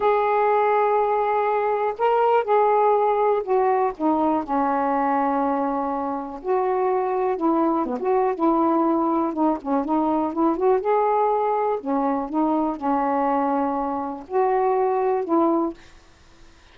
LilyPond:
\new Staff \with { instrumentName = "saxophone" } { \time 4/4 \tempo 4 = 122 gis'1 | ais'4 gis'2 fis'4 | dis'4 cis'2.~ | cis'4 fis'2 e'4 |
b16 fis'8. e'2 dis'8 cis'8 | dis'4 e'8 fis'8 gis'2 | cis'4 dis'4 cis'2~ | cis'4 fis'2 e'4 | }